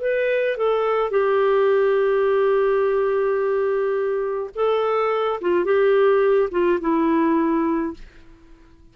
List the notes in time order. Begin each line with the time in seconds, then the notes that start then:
0.00 B4
0.57 A4
1.10 G4
4.55 A4
5.41 F4
5.64 G4
6.51 F4
6.80 E4